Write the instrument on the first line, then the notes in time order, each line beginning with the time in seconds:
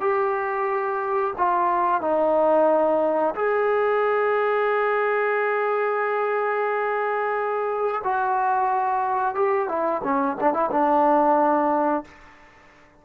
trombone
0.00 G4
1.37 F4
2.01 D#4
3.35 G#4
8.04 F#4
9.35 G4
9.68 E4
10.03 C#4
10.40 D4
10.53 E4
10.71 D4